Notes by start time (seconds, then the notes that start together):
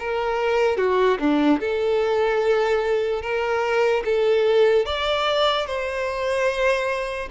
0.00 A#4
0.78 F#4
1.19 D4
1.60 A4
3.22 A#4
4.05 A4
4.86 D5
5.67 C5